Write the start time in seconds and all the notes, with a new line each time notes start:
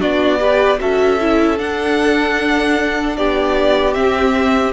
0.00 B3 D4 F#4 D5
0.40 G4 B4
0.79 C#4 F#4 A4 E5
1.21 E4
1.58 D4 F#5
3.17 B3 G4 D5
3.94 C4 E5